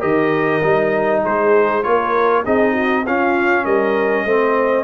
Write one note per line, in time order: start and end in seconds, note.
0.00 0.63 D#3
0.00 0.62 G4
0.00 1.21 A#4
0.00 1.23 D#5
0.63 1.24 G3
0.63 1.84 D#4
1.22 1.86 G#3
1.22 1.83 G#4
1.22 1.83 C5
1.83 2.46 A#3
1.83 2.44 F4
1.83 2.44 A#4
1.83 2.44 C#5
2.44 3.07 C4
2.44 3.06 D#4
2.44 2.73 G#4
2.44 3.06 D#5
2.73 3.03 F#4
3.06 3.66 C#4
3.06 4.28 C#4
3.06 3.64 F4
3.06 3.65 F5
3.64 4.25 G3
3.64 4.25 A#4
3.64 4.85 D#5
4.25 4.85 A3
4.25 4.85 C4
4.25 4.85 C5